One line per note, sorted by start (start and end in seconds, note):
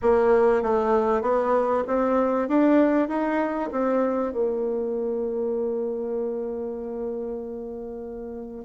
0.02 0.62 A#3
0.62 1.21 A3
1.21 1.83 B3
1.87 2.48 C4
2.48 3.08 D4
3.08 3.70 D#4
3.71 4.32 C4
4.32 8.64 A#3